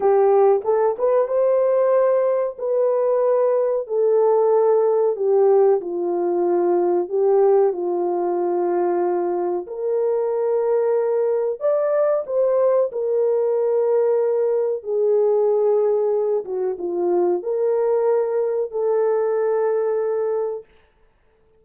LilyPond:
\new Staff \with { instrumentName = "horn" } { \time 4/4 \tempo 4 = 93 g'4 a'8 b'8 c''2 | b'2 a'2 | g'4 f'2 g'4 | f'2. ais'4~ |
ais'2 d''4 c''4 | ais'2. gis'4~ | gis'4. fis'8 f'4 ais'4~ | ais'4 a'2. | }